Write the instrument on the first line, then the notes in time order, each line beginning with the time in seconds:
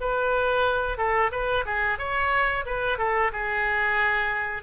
oboe
0.00 B4
0.97 A4
1.32 B4
1.65 G#4
1.98 C#5
2.65 B4
2.98 A4
3.32 G#4